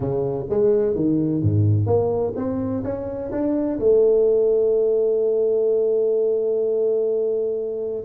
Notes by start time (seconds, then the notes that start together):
0.00 C#3
0.49 G#3
0.95 D#3
1.42 G#2
1.86 A#3
2.36 C4
2.83 C#4
3.31 D4
3.79 A3